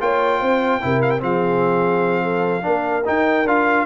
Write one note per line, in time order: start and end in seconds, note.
0.00 0.42 A#3
0.00 0.81 F4
0.00 0.40 C#5
0.00 1.02 G5
0.40 0.83 C4
0.40 0.81 C5
0.81 1.23 C3
0.81 1.19 E4
0.81 1.23 A#4
1.02 1.10 F5
1.10 1.20 G5
1.19 2.65 F3
1.19 2.62 C4
1.19 2.23 G#4
1.19 3.07 F5
2.23 2.64 A4
2.62 3.07 A#3
2.62 3.03 D4
2.62 3.86 A#4
3.05 3.46 D#4
3.05 3.45 D#4
3.05 3.47 G5
3.45 3.86 D4
3.45 3.86 F4
3.45 3.86 F5